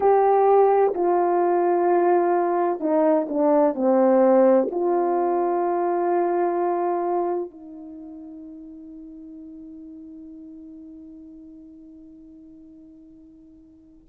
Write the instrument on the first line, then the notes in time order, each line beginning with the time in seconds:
horn
0.00 G4
0.94 F4
2.80 D#4
3.29 D4
3.75 C4
4.70 F4
7.50 D#4